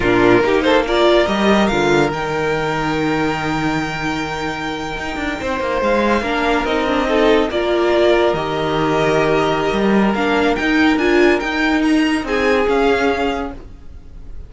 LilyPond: <<
  \new Staff \with { instrumentName = "violin" } { \time 4/4 \tempo 4 = 142 ais'4. c''8 d''4 dis''4 | f''4 g''2.~ | g''1~ | g''4.~ g''16 f''2 dis''16~ |
dis''4.~ dis''16 d''2 dis''16~ | dis''1 | f''4 g''4 gis''4 g''4 | ais''4 gis''4 f''2 | }
  \new Staff \with { instrumentName = "violin" } { \time 4/4 f'4 g'8 a'8 ais'2~ | ais'1~ | ais'1~ | ais'8. c''2 ais'4~ ais'16~ |
ais'8. a'4 ais'2~ ais'16~ | ais'1~ | ais'1~ | ais'4 gis'2. | }
  \new Staff \with { instrumentName = "viola" } { \time 4/4 d'4 dis'4 f'4 g'4 | f'4 dis'2.~ | dis'1~ | dis'2~ dis'8. d'4 dis'16~ |
dis'16 d'8 dis'4 f'2 g'16~ | g'1 | d'4 dis'4 f'4 dis'4~ | dis'2 cis'2 | }
  \new Staff \with { instrumentName = "cello" } { \time 4/4 ais,4 ais2 g4 | d4 dis2.~ | dis2.~ dis8. dis'16~ | dis'16 d'8 c'8 ais8 gis4 ais4 c'16~ |
c'4.~ c'16 ais2 dis16~ | dis2. g4 | ais4 dis'4 d'4 dis'4~ | dis'4 c'4 cis'2 | }
>>